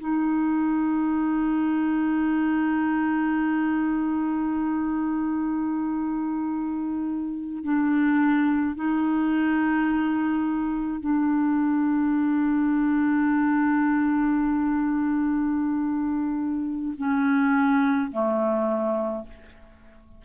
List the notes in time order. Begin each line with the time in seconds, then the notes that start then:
0.00 D#4
7.64 D4
8.76 D#4
11.01 D4
16.98 C#4
18.12 A3